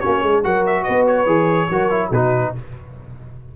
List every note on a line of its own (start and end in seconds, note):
0.00 0.23 A#3
0.00 0.43 C#4
0.00 0.20 F#4
0.00 0.42 C#5
0.20 0.44 G#3
0.20 0.41 G#4
0.43 0.86 F#3
0.43 1.27 F#4
0.43 0.84 A#4
0.43 0.65 F#5
0.66 0.83 E5
0.83 1.26 B3
0.83 1.67 B4
0.83 1.04 D#5
1.07 2.11 C#5
1.26 1.68 E3
1.26 1.68 G#4
1.70 2.11 F#3
1.70 1.90 F#4
1.70 2.09 A#4
1.90 2.11 E4
2.09 2.53 B2
2.09 2.56 D#4
2.09 2.51 F#4
2.09 2.55 B4